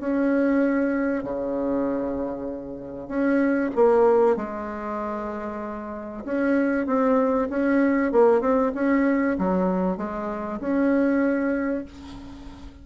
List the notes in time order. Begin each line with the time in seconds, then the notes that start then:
0.00 C#4
1.24 C#3
3.08 C#4
3.75 A#3
4.36 G#3
6.25 C#4
6.86 C4
7.49 C#4
8.12 A#3
8.41 C4
8.74 C#4
9.38 F#3
9.97 G#3
10.60 C#4